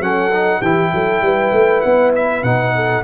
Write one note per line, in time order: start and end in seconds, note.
0.00 0.61 F#3
0.00 0.31 C#4
0.00 0.60 A4
0.00 0.62 F#5
0.33 0.63 D#4
0.60 0.92 E3
0.60 2.45 E4
0.60 0.90 G4
0.60 1.81 G5
0.93 1.22 F#3
0.93 1.24 A4
1.22 1.52 G3
1.22 2.76 B4
1.53 1.83 A3
1.81 2.43 B3
1.81 2.12 F#5
2.15 2.44 E5
2.43 3.04 B2
2.43 3.05 D#4
2.43 3.04 F#5
2.76 3.05 A4